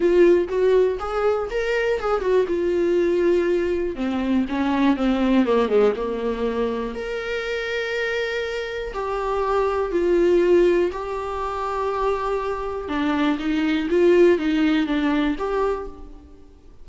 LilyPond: \new Staff \with { instrumentName = "viola" } { \time 4/4 \tempo 4 = 121 f'4 fis'4 gis'4 ais'4 | gis'8 fis'8 f'2. | c'4 cis'4 c'4 ais8 gis8 | ais2 ais'2~ |
ais'2 g'2 | f'2 g'2~ | g'2 d'4 dis'4 | f'4 dis'4 d'4 g'4 | }